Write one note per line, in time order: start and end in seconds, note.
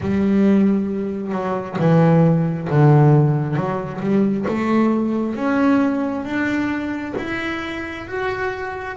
0.00 1.32 G3
1.32 1.77 F#3
1.79 2.68 E3
2.69 3.55 D3
3.55 4.00 F#3
4.01 4.45 G3
4.48 5.35 A3
5.35 6.24 C#4
6.24 7.14 D4
7.17 8.07 E4
8.07 8.96 F#4